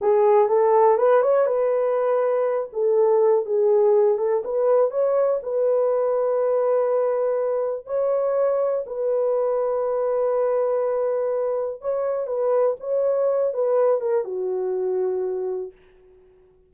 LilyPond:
\new Staff \with { instrumentName = "horn" } { \time 4/4 \tempo 4 = 122 gis'4 a'4 b'8 cis''8 b'4~ | b'4. a'4. gis'4~ | gis'8 a'8 b'4 cis''4 b'4~ | b'1 |
cis''2 b'2~ | b'1 | cis''4 b'4 cis''4. b'8~ | b'8 ais'8 fis'2. | }